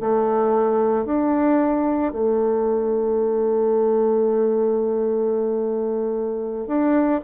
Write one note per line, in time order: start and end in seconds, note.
0.00 1.06 A3
1.06 2.13 D4
2.13 6.67 A3
6.67 7.21 D4